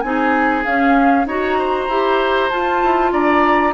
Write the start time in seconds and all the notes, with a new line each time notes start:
0.00 C4 D#4 G#4 G#5
0.64 C#4 F5
1.25 D#4 F#4 C#5 A#5
1.58 C5
1.88 E4 G4
2.49 F4 A5
2.82 E4
3.12 D4 D5 A#5